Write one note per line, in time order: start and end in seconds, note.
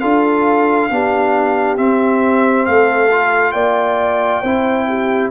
0.00 0.91 D4
0.00 0.90 F4
0.00 0.90 A4
0.00 1.76 F5
0.90 1.78 B3
0.90 1.77 D4
0.90 2.68 G4
1.77 3.10 C4
1.77 2.66 C4
1.77 2.66 E5
2.66 3.54 A3
2.66 3.54 A4
2.66 3.52 F5
3.11 4.44 F4
3.52 4.42 A#3
3.52 4.42 D5
3.52 5.28 G5
4.42 5.31 C4
4.42 5.31 E4
4.42 4.86 C5
4.88 5.31 G4